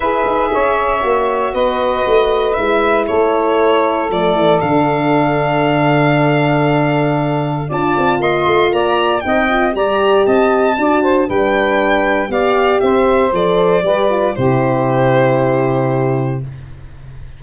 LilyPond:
<<
  \new Staff \with { instrumentName = "violin" } { \time 4/4 \tempo 4 = 117 e''2. dis''4~ | dis''4 e''4 cis''2 | d''4 f''2.~ | f''2. a''4 |
c'''4 ais''4 g''4 ais''4 | a''2 g''2 | f''4 e''4 d''2 | c''1 | }
  \new Staff \with { instrumentName = "saxophone" } { \time 4/4 b'4 cis''2 b'4~ | b'2 a'2~ | a'1~ | a'2. d''4 |
dis''4 d''4 dis''4 d''4 | dis''4 d''8 c''8 b'2 | d''4 c''2 b'4 | g'1 | }
  \new Staff \with { instrumentName = "horn" } { \time 4/4 gis'2 fis'2~ | fis'4 e'2. | a4 d'2.~ | d'2. f'4~ |
f'2 dis'8 f'8 g'4~ | g'4 fis'4 d'2 | g'2 a'4 g'8 f'8 | e'1 | }
  \new Staff \with { instrumentName = "tuba" } { \time 4/4 e'8 dis'8 cis'4 ais4 b4 | a4 gis4 a2 | f8 e8 d2.~ | d2. d'8 c'8 |
ais8 a8 ais4 c'4 g4 | c'4 d'4 g2 | b4 c'4 f4 g4 | c1 | }
>>